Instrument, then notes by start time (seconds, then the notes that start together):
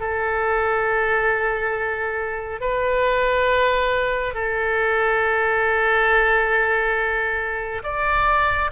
oboe
0.00 A4
2.61 B4
4.34 A4
7.83 D5